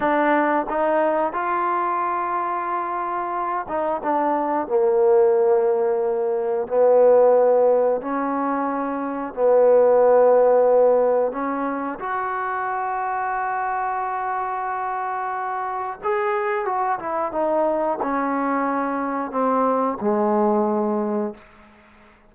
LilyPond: \new Staff \with { instrumentName = "trombone" } { \time 4/4 \tempo 4 = 90 d'4 dis'4 f'2~ | f'4. dis'8 d'4 ais4~ | ais2 b2 | cis'2 b2~ |
b4 cis'4 fis'2~ | fis'1 | gis'4 fis'8 e'8 dis'4 cis'4~ | cis'4 c'4 gis2 | }